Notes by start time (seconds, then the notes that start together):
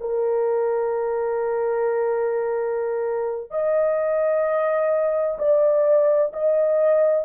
0.00 A#4
3.50 D#5
5.38 D5
6.33 D#5